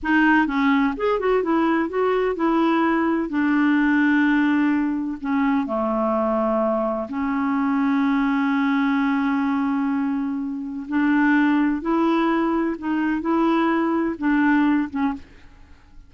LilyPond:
\new Staff \with { instrumentName = "clarinet" } { \time 4/4 \tempo 4 = 127 dis'4 cis'4 gis'8 fis'8 e'4 | fis'4 e'2 d'4~ | d'2. cis'4 | a2. cis'4~ |
cis'1~ | cis'2. d'4~ | d'4 e'2 dis'4 | e'2 d'4. cis'8 | }